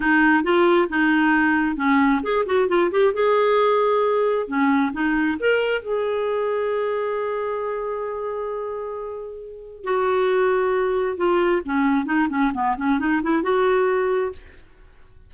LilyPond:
\new Staff \with { instrumentName = "clarinet" } { \time 4/4 \tempo 4 = 134 dis'4 f'4 dis'2 | cis'4 gis'8 fis'8 f'8 g'8 gis'4~ | gis'2 cis'4 dis'4 | ais'4 gis'2.~ |
gis'1~ | gis'2 fis'2~ | fis'4 f'4 cis'4 dis'8 cis'8 | b8 cis'8 dis'8 e'8 fis'2 | }